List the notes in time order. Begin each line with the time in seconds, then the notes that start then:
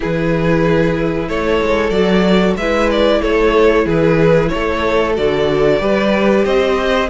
0.00 E3 E4 G#4 B4
1.28 A3 A4 C#5
1.62 G#3
1.90 F#3 F#4 D5
2.56 G#3 E4 B4 E5
2.90 D5
3.21 A3 A4 C#5
3.85 E3 G#4 B4
4.48 A3 A4 C#5
5.15 D3 F#4 D5
5.79 G3 G4 B4
6.44 C4 C5 D#5